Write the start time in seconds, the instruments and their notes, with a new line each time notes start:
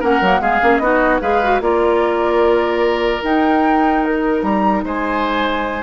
0.00 bassoon A#3, clarinet C#4, oboe A#4, flute F#5
0.21 bassoon F#3, clarinet A#3
0.40 bassoon G#3, clarinet B3, oboe G#4, flute F5
0.62 bassoon A#3, clarinet C#4
0.77 bassoon B3, clarinet D#4, oboe F#4, flute D#5
1.21 bassoon G#3, clarinet G#4, oboe B4, flute F5
1.43 clarinet F#4
1.60 bassoon A#3, clarinet F4, oboe A#4, flute D5
3.22 bassoon D#4, clarinet D#4, flute G5
4.04 flute A#4
4.42 bassoon G3, flute A#5
4.83 bassoon G#3, oboe C5, flute G#5